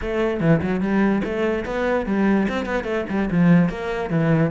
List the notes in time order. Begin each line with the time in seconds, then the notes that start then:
0.01 A3
0.40 E3
0.62 F#3
0.80 G3
1.23 A3
1.65 B3
2.06 G3
2.48 C4
2.65 B3
2.84 A3
3.09 G3
3.31 F3
3.69 A#3
4.10 E3